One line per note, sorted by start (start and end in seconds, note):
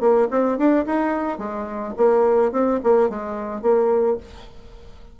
0.00 0.28 A#3
0.30 0.57 C4
0.57 0.85 D4
0.86 1.38 D#4
1.38 1.94 G#3
1.97 2.52 A#3
2.52 2.80 C4
2.83 3.09 A#3
3.09 3.62 G#3
3.62 4.17 A#3